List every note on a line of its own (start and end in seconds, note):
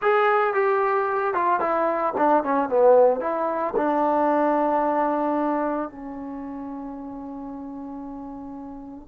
0.02 0.54 G#4
0.54 1.34 G4
1.34 1.59 F4
1.59 2.13 E4
2.17 2.43 D4
2.43 2.69 C#4
2.69 3.20 B3
3.20 3.74 E4
3.76 5.89 D4
5.89 9.08 C#4